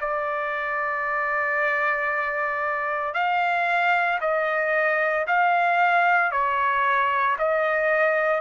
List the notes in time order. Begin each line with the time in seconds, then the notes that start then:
0.00 D5
3.14 F5
4.21 D#5
5.27 F5
6.32 C#5
7.38 D#5